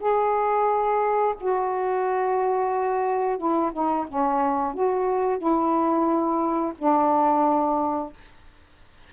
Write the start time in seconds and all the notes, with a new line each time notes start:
0.00 G#4
1.40 F#4
3.38 E4
3.73 D#4
4.08 C#4
4.74 F#4
5.38 E4
6.78 D4